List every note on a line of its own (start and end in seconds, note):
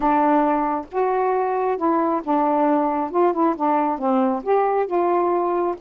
0.00 0.85 D4
0.91 1.77 F#4
1.77 2.21 E4
2.23 3.11 D4
3.11 3.33 F4
3.33 3.55 E4
3.56 3.98 D4
3.98 4.42 C4
4.43 4.86 G4
4.86 5.75 F4